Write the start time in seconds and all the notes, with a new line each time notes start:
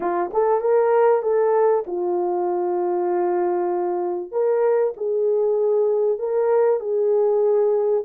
0.00 F4
0.33 A4
0.60 A#4
1.22 A4
1.87 F4
4.31 A#4
4.97 G#4
6.19 A#4
6.80 G#4